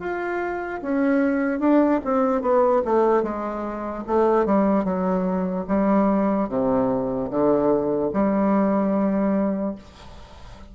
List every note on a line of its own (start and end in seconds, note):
0.00 0.81 F4
0.83 1.60 C#4
1.60 2.00 D4
2.05 2.42 C4
2.42 2.82 B3
2.85 3.23 A3
3.23 4.04 G#3
4.07 4.46 A3
4.46 4.85 G3
4.85 5.66 F#3
5.68 6.49 G3
6.49 7.30 C3
7.30 8.11 D3
8.13 9.76 G3